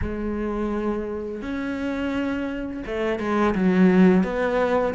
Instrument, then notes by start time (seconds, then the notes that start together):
cello
0.01 G#3
1.42 C#4
2.86 A3
3.19 G#3
3.54 F#3
4.24 B3